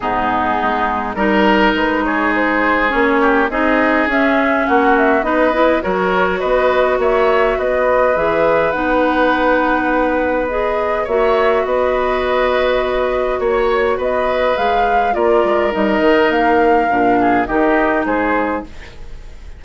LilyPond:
<<
  \new Staff \with { instrumentName = "flute" } { \time 4/4 \tempo 4 = 103 gis'2 ais'4 b'8 cis''8 | c''4 cis''4 dis''4 e''4 | fis''8 e''8 dis''4 cis''4 dis''4 | e''4 dis''4 e''4 fis''4~ |
fis''2 dis''4 e''4 | dis''2. cis''4 | dis''4 f''4 d''4 dis''4 | f''2 dis''4 c''4 | }
  \new Staff \with { instrumentName = "oboe" } { \time 4/4 dis'2 ais'4. gis'8~ | gis'4. g'8 gis'2 | fis'4 b'4 ais'4 b'4 | cis''4 b'2.~ |
b'2. cis''4 | b'2. cis''4 | b'2 ais'2~ | ais'4. gis'8 g'4 gis'4 | }
  \new Staff \with { instrumentName = "clarinet" } { \time 4/4 b2 dis'2~ | dis'4 cis'4 dis'4 cis'4~ | cis'4 dis'8 e'8 fis'2~ | fis'2 gis'4 dis'4~ |
dis'2 gis'4 fis'4~ | fis'1~ | fis'4 gis'4 f'4 dis'4~ | dis'4 d'4 dis'2 | }
  \new Staff \with { instrumentName = "bassoon" } { \time 4/4 gis,4 gis4 g4 gis4~ | gis4 ais4 c'4 cis'4 | ais4 b4 fis4 b4 | ais4 b4 e4 b4~ |
b2. ais4 | b2. ais4 | b4 gis4 ais8 gis8 g8 dis8 | ais4 ais,4 dis4 gis4 | }
>>